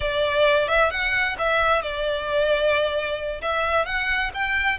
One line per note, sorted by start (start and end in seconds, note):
0.00 0.68 D5
0.68 0.90 E5
0.90 1.36 F#5
1.38 1.82 E5
1.82 3.41 D5
3.41 3.85 E5
3.85 4.31 F#5
4.34 4.78 G5